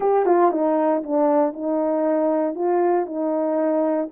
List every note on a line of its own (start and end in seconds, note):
0.00 0.25 G4
0.25 0.51 F4
0.51 1.02 D#4
1.03 1.53 D4
1.53 2.54 D#4
2.54 3.06 F4
3.06 4.08 D#4